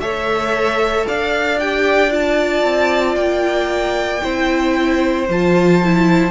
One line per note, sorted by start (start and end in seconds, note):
0.00 1.05 A3
0.00 1.59 A4
0.00 1.07 C#5
0.00 1.05 E5
1.07 2.64 D4
1.07 4.23 D5
1.07 1.59 F5
1.59 2.09 G4
1.59 2.12 G5
2.09 4.20 F4
2.09 3.15 A5
2.64 3.15 C4
3.15 4.21 A#3
3.15 5.25 G5
4.21 5.28 C4
4.21 5.27 E4
4.21 6.31 C5
5.28 6.31 F3
5.28 5.82 F4
5.28 6.31 A5
5.83 6.31 E4